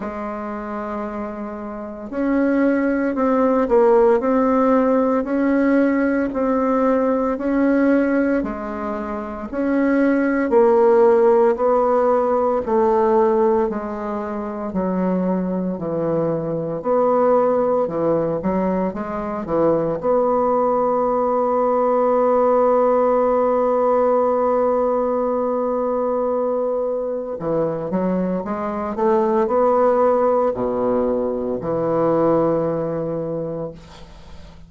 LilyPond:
\new Staff \with { instrumentName = "bassoon" } { \time 4/4 \tempo 4 = 57 gis2 cis'4 c'8 ais8 | c'4 cis'4 c'4 cis'4 | gis4 cis'4 ais4 b4 | a4 gis4 fis4 e4 |
b4 e8 fis8 gis8 e8 b4~ | b1~ | b2 e8 fis8 gis8 a8 | b4 b,4 e2 | }